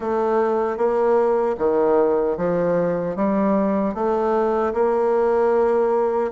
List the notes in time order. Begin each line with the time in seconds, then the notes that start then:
0.00 A3
0.77 A#3
1.58 D#3
2.37 F3
3.16 G3
3.94 A3
4.73 A#3